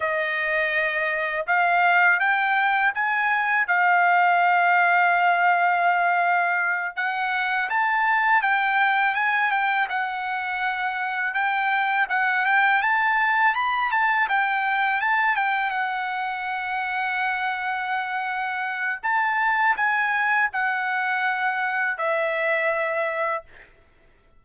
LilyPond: \new Staff \with { instrumentName = "trumpet" } { \time 4/4 \tempo 4 = 82 dis''2 f''4 g''4 | gis''4 f''2.~ | f''4. fis''4 a''4 g''8~ | g''8 gis''8 g''8 fis''2 g''8~ |
g''8 fis''8 g''8 a''4 b''8 a''8 g''8~ | g''8 a''8 g''8 fis''2~ fis''8~ | fis''2 a''4 gis''4 | fis''2 e''2 | }